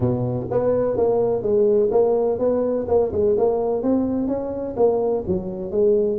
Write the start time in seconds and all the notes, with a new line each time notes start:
0.00 B2
0.50 B3
0.97 A#3
1.42 G#3
1.91 A#3
2.38 B3
2.87 A#3
3.12 G#3
3.37 A#3
3.82 C4
4.27 C#4
4.76 A#3
5.27 F#3
5.71 G#3